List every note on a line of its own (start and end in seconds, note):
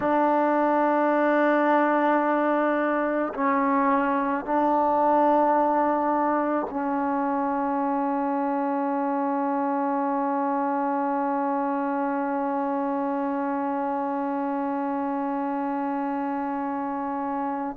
0.00 3.33 D4
3.33 4.44 C#4
4.44 6.67 D4
6.69 17.76 C#4